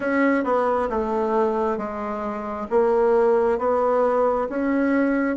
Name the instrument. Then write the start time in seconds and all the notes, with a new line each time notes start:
bassoon
0.00 C#4
0.44 B3
0.90 A3
1.77 G#3
2.69 A#3
3.58 B3
4.49 C#4